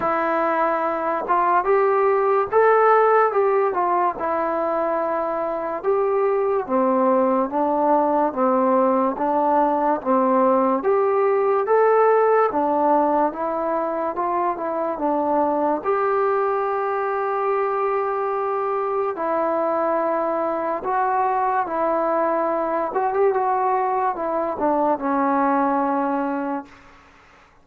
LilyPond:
\new Staff \with { instrumentName = "trombone" } { \time 4/4 \tempo 4 = 72 e'4. f'8 g'4 a'4 | g'8 f'8 e'2 g'4 | c'4 d'4 c'4 d'4 | c'4 g'4 a'4 d'4 |
e'4 f'8 e'8 d'4 g'4~ | g'2. e'4~ | e'4 fis'4 e'4. fis'16 g'16 | fis'4 e'8 d'8 cis'2 | }